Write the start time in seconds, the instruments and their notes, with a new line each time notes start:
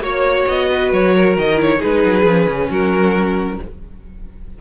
0.00 cello A#3, viola F#4, violin C#5
0.48 cello B3, violin D#5
0.71 violin B4
0.92 cello F#3, violin C#5
1.15 violin A#4
1.36 cello D#3, violin D#5
1.55 viola E4, violin C#5
1.79 cello G#3, viola D#4, violin G#4 B4
2.04 cello F#3
2.25 cello F3, viola C#4
2.46 cello C#3
2.69 cello F#3, violin F#4 A#4